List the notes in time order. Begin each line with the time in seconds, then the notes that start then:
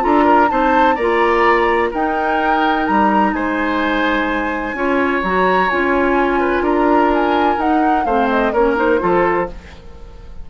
0.00 D4 F4 A4 A#5
0.25 A#4
0.49 C4 D#4 C5 A5
0.95 A#3 F4 D5 A#5
1.91 D#4 A#4 G5
2.87 G3 A#5
3.33 G#3 C5 G#5
4.74 C#4 F4 C#5
5.23 F#3 F#4 A#5
5.70 C#4 F4 G#5
6.40 B4
6.61 D4 A#4 A#5
7.14 G#5
7.58 D#4 F#5
8.05 A3 C4 C5 F5
8.30 D#5
8.53 A#3 C#4 A#4 C#5
8.76 D#4 C5
8.99 F3 F4 A4